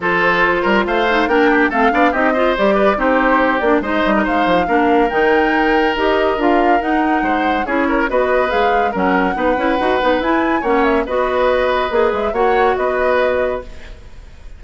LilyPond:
<<
  \new Staff \with { instrumentName = "flute" } { \time 4/4 \tempo 4 = 141 c''2 f''4 g''4 | f''4 dis''4 d''4 c''4~ | c''8 d''8 dis''4 f''2 | g''2 dis''4 f''4 |
fis''2 cis''4 dis''4 | f''4 fis''2. | gis''4 fis''8 e''8 dis''2~ | dis''8 e''8 fis''4 dis''2 | }
  \new Staff \with { instrumentName = "oboe" } { \time 4/4 a'4. ais'8 c''4 ais'8 g'8 | a'8 d''8 g'8 c''4 b'8 g'4~ | g'4 c''8. ais'16 c''4 ais'4~ | ais'1~ |
ais'4 c''4 gis'8 ais'8 b'4~ | b'4 ais'4 b'2~ | b'4 cis''4 b'2~ | b'4 cis''4 b'2 | }
  \new Staff \with { instrumentName = "clarinet" } { \time 4/4 f'2~ f'8 dis'8 d'4 | c'8 d'8 dis'8 f'8 g'4 dis'4~ | dis'8 d'8 dis'2 d'4 | dis'2 g'4 f'4 |
dis'2 e'4 fis'4 | gis'4 cis'4 dis'8 e'8 fis'8 dis'8 | e'4 cis'4 fis'2 | gis'4 fis'2. | }
  \new Staff \with { instrumentName = "bassoon" } { \time 4/4 f4. g8 a4 ais4 | a8 b8 c'4 g4 c'4~ | c'8 ais8 gis8 g8 gis8 f8 ais4 | dis2 dis'4 d'4 |
dis'4 gis4 cis'4 b4 | gis4 fis4 b8 cis'8 dis'8 b8 | e'4 ais4 b2 | ais8 gis8 ais4 b2 | }
>>